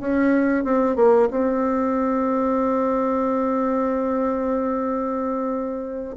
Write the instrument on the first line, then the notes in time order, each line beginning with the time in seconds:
bassoon
0.00 C#4
0.64 C4
0.96 A#3
1.30 C4